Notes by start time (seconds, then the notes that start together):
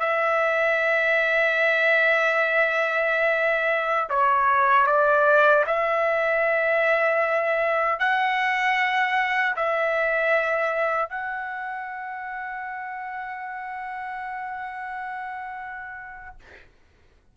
0.00 E5
4.10 C#5
4.87 D5
5.67 E5
8.00 F#5
9.56 E5
11.09 F#5